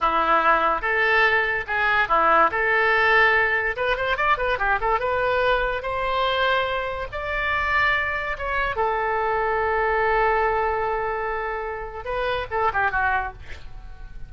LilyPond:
\new Staff \with { instrumentName = "oboe" } { \time 4/4 \tempo 4 = 144 e'2 a'2 | gis'4 e'4 a'2~ | a'4 b'8 c''8 d''8 b'8 g'8 a'8 | b'2 c''2~ |
c''4 d''2. | cis''4 a'2.~ | a'1~ | a'4 b'4 a'8 g'8 fis'4 | }